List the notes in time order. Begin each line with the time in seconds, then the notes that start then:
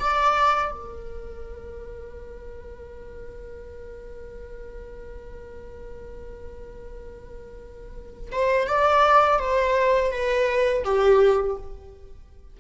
0.00 D5
0.72 A#4
8.32 C5
8.68 D5
9.39 C5
10.12 B4
10.85 G4